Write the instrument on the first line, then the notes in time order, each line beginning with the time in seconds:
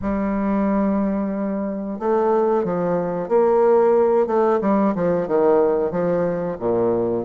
bassoon
0.01 G3
1.99 A3
2.64 F3
3.28 A#3
4.26 A3
4.61 G3
4.95 F3
5.27 D#3
5.91 F3
6.59 A#2